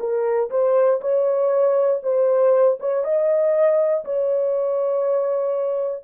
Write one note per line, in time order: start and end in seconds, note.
0.00 0.50 A#4
0.50 1.00 C5
1.01 2.01 C#5
2.03 2.78 C5
2.80 3.04 C#5
3.04 4.04 D#5
4.05 6.04 C#5